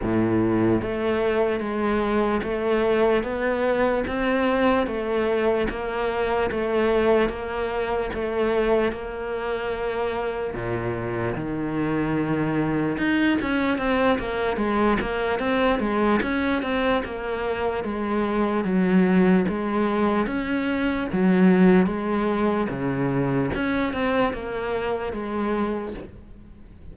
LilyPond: \new Staff \with { instrumentName = "cello" } { \time 4/4 \tempo 4 = 74 a,4 a4 gis4 a4 | b4 c'4 a4 ais4 | a4 ais4 a4 ais4~ | ais4 ais,4 dis2 |
dis'8 cis'8 c'8 ais8 gis8 ais8 c'8 gis8 | cis'8 c'8 ais4 gis4 fis4 | gis4 cis'4 fis4 gis4 | cis4 cis'8 c'8 ais4 gis4 | }